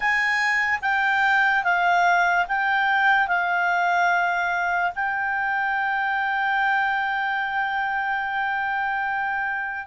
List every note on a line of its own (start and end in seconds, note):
0.00 0.79 G#5
0.81 1.63 G5
1.63 2.45 F5
2.47 3.27 G5
3.27 4.92 F5
4.95 9.86 G5